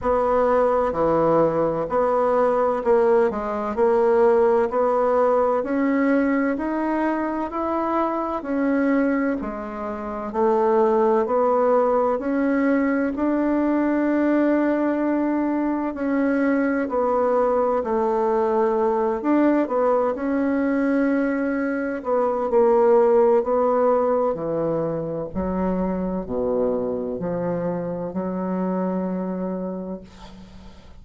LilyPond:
\new Staff \with { instrumentName = "bassoon" } { \time 4/4 \tempo 4 = 64 b4 e4 b4 ais8 gis8 | ais4 b4 cis'4 dis'4 | e'4 cis'4 gis4 a4 | b4 cis'4 d'2~ |
d'4 cis'4 b4 a4~ | a8 d'8 b8 cis'2 b8 | ais4 b4 e4 fis4 | b,4 f4 fis2 | }